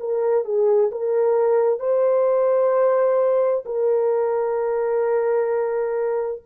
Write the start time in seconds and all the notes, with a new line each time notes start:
0.00 A#4
0.45 G#4
0.92 A#4
1.80 C5
3.65 A#4